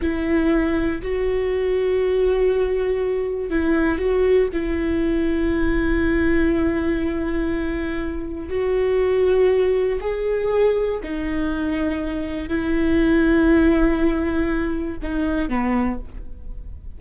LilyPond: \new Staff \with { instrumentName = "viola" } { \time 4/4 \tempo 4 = 120 e'2 fis'2~ | fis'2. e'4 | fis'4 e'2.~ | e'1~ |
e'4 fis'2. | gis'2 dis'2~ | dis'4 e'2.~ | e'2 dis'4 b4 | }